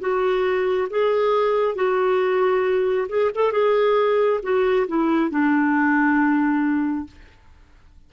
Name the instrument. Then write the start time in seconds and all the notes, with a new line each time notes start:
clarinet
0.00 F#4
0.91 G#4
1.76 F#4
3.09 G#4
3.35 A4
3.53 G#4
4.43 F#4
4.88 E4
5.31 D4